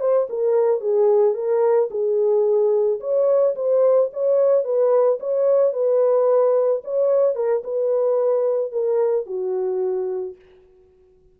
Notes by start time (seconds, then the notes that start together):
0.00 C5
0.29 A#4
0.80 G#4
1.34 A#4
1.90 G#4
3.00 C#5
3.55 C5
4.13 C#5
4.64 B4
5.19 C#5
5.73 B4
6.84 C#5
7.35 A#4
7.64 B4
8.72 A#4
9.26 F#4